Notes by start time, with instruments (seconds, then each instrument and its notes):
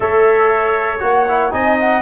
0.00 tuba A3, trombone A4, trumpet C#5, flute E5
0.99 tuba A#3, trombone F#4, flute F#5
1.28 trombone E4
1.51 tuba C4, trombone D#4, trumpet D#5, flute G#5
1.80 flute F#5